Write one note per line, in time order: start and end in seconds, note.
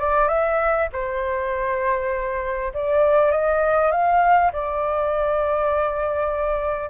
0.00 0.29 D5
0.29 0.89 E5
0.93 2.73 C5
2.74 3.32 D5
3.32 3.92 D#5
3.92 4.52 F5
4.53 6.90 D5